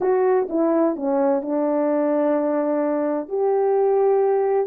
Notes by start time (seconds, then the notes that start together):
0.01 F#4
0.49 E4
0.96 C#4
1.41 D4
3.28 G4